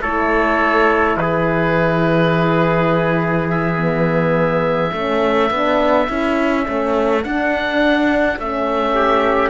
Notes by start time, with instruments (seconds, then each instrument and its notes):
0.00 cello A3, horn E4, trumpet A4, oboe C#5
1.16 cello E3, trumpet G#4, oboe B4
3.51 oboe E5
3.77 horn B3
4.93 cello A3, horn C#4, trumpet A4
5.51 cello B3, horn D4
6.07 cello C#4, horn E4
6.64 cello A3, horn C#4
7.24 horn D4, cello D4, oboe F#5
8.39 cello A3, horn C#4, oboe E5
8.94 trumpet G4